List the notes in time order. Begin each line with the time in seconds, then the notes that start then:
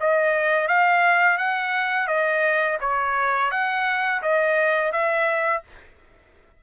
0.00 D#5
0.68 F5
1.38 F#5
2.07 D#5
2.81 C#5
3.51 F#5
4.22 D#5
4.92 E5